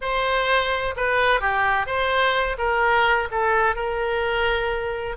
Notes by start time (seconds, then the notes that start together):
0.01 C5
0.96 B4
1.40 G4
1.86 C5
2.58 A#4
3.31 A4
3.75 A#4